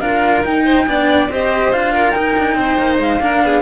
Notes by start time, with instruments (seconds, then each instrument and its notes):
0.00 cello D4 F4, violin A#4, flute F5
0.44 cello D#4, flute G5
0.64 violin C5
0.87 cello B3 D4, violin D5
1.29 cello C4 G4, violin C5, flute D#5
1.73 cello D4 F4, flute F5
1.92 violin A#4
2.11 cello D#4, flute G5
2.38 cello D4
2.55 cello C4, violin C5
2.79 cello A#3
2.99 cello G#3, flute F5
3.20 cello A#3 D4, violin A#4
3.43 cello B3, violin G#4